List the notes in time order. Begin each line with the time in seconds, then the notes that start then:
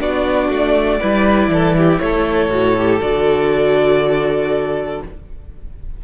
0.00 B3 D4 F#4 D5
0.49 A3
1.01 G3 E4 B4
1.48 E3 A4
1.77 G4
1.99 A3 A4 C#5
2.50 A2 F#4
2.78 G4
3.02 D3 F#4 D5